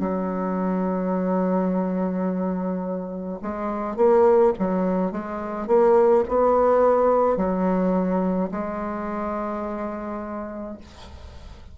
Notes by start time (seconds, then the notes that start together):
0.00 F#3
3.42 G#3
3.97 A#3
4.60 F#3
5.12 G#3
5.68 A#3
6.29 B3
7.37 F#3
8.52 G#3